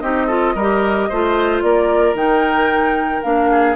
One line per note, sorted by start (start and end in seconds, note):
0.00 0.55 C4
0.00 0.29 D#4
0.00 0.27 G4
0.00 1.61 D#5
0.27 0.56 F4
0.27 0.54 A4
0.55 1.09 G3
0.55 1.12 G4
0.55 1.09 A#4
1.09 1.62 A3
1.09 2.15 F4
1.09 1.63 C5
1.61 2.13 A#3
1.61 3.51 A#4
1.61 2.15 D5
2.13 3.21 D#3
2.13 3.22 D#4
2.13 3.23 G5
3.23 3.76 A#3
3.23 3.76 D4
3.23 3.76 F5
3.51 3.76 G#4